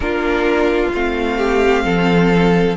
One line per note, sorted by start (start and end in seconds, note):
0.00 0.89 A#3
0.00 0.93 D4
0.00 1.37 F4
0.00 0.90 A#4
0.93 1.84 A3
0.93 2.76 C4
0.93 2.76 F5
1.37 1.83 G4
1.84 2.76 F3
1.84 2.76 A4